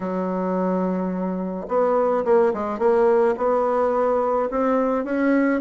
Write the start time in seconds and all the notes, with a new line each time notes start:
0.00 F#3
1.68 B3
2.25 A#3
2.53 G#3
2.78 A#3
3.37 B3
4.50 C4
5.04 C#4